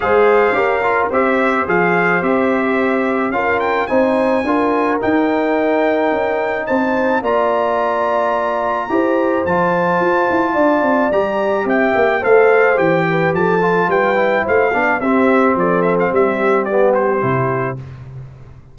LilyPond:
<<
  \new Staff \with { instrumentName = "trumpet" } { \time 4/4 \tempo 4 = 108 f''2 e''4 f''4 | e''2 f''8 g''8 gis''4~ | gis''4 g''2. | a''4 ais''2.~ |
ais''4 a''2. | ais''4 g''4 f''4 g''4 | a''4 g''4 f''4 e''4 | d''8 e''16 f''16 e''4 d''8 c''4. | }
  \new Staff \with { instrumentName = "horn" } { \time 4/4 c''4 ais'4 c''2~ | c''2 ais'4 c''4 | ais'1 | c''4 d''2. |
c''2. d''4~ | d''4 e''4 c''4. b'8 | a'4 b'4 c''8 d''8 g'4 | a'4 g'2. | }
  \new Staff \with { instrumentName = "trombone" } { \time 4/4 gis'4 g'8 f'8 g'4 gis'4 | g'2 f'4 dis'4 | f'4 dis'2.~ | dis'4 f'2. |
g'4 f'2. | g'2 a'4 g'4~ | g'8 f'4 e'4 d'8 c'4~ | c'2 b4 e'4 | }
  \new Staff \with { instrumentName = "tuba" } { \time 4/4 gis4 cis'4 c'4 f4 | c'2 cis'4 c'4 | d'4 dis'2 cis'4 | c'4 ais2. |
e'4 f4 f'8 e'8 d'8 c'8 | g4 c'8 ais8 a4 e4 | f4 g4 a8 b8 c'4 | f4 g2 c4 | }
>>